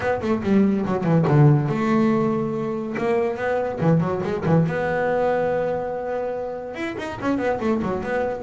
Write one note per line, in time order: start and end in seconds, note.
0.00 0.20 B3
0.21 0.42 A3
0.43 0.85 G3
0.85 1.04 F#3
1.04 1.25 E3
1.27 1.69 D3
1.69 2.95 A3
2.97 3.36 A#3
3.36 3.79 B3
3.80 4.00 E3
4.00 4.21 F#3
4.23 4.44 G#3
4.45 4.66 E3
4.66 6.75 B3
6.75 6.96 E4
6.97 7.19 D#4
7.20 7.38 C#4
7.38 7.59 B3
7.60 7.81 A3
7.82 8.03 F#3
8.03 8.43 B3